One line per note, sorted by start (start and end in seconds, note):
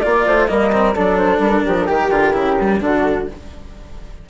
0.00 0.27 A#3
0.00 0.48 F4
0.00 0.47 D5
0.00 0.24 D5
0.27 0.50 A3
0.27 0.50 C5
0.47 0.96 G3
0.47 0.72 A#3
0.47 0.95 A#4
0.47 0.93 D#5
0.72 0.95 C4
0.95 1.39 F#3
0.95 1.88 D4
0.95 1.65 A4
0.95 1.17 D5
1.17 1.40 C5
1.39 1.62 G3
1.39 2.81 A#4
1.65 1.89 F3
1.65 1.77 G4
1.80 1.87 A4
1.87 2.10 D#3
1.87 2.80 G4
1.87 2.12 G4
2.10 2.34 D3
2.10 2.34 F4
2.34 2.81 C#3
2.34 2.57 E4
2.61 2.81 G3
2.81 3.27 D3
2.81 3.27 D4
2.81 3.30 F#4
2.81 3.28 A4